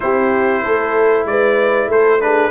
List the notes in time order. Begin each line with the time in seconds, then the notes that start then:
0.00 C4 E4 G4 C5
0.63 A3 A4
1.25 G#3 B4 D5
1.88 A3 A4 C5
2.20 D4 G#4 B4